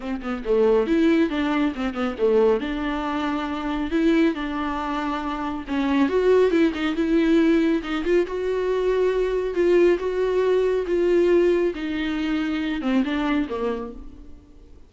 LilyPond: \new Staff \with { instrumentName = "viola" } { \time 4/4 \tempo 4 = 138 c'8 b8 a4 e'4 d'4 | c'8 b8 a4 d'2~ | d'4 e'4 d'2~ | d'4 cis'4 fis'4 e'8 dis'8 |
e'2 dis'8 f'8 fis'4~ | fis'2 f'4 fis'4~ | fis'4 f'2 dis'4~ | dis'4. c'8 d'4 ais4 | }